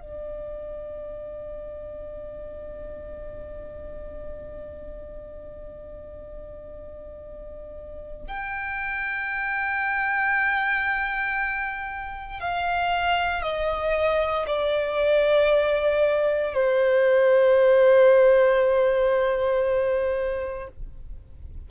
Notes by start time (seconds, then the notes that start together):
0.00 D5
8.28 G5
12.40 F5
13.42 D#5
14.47 D5
16.54 C5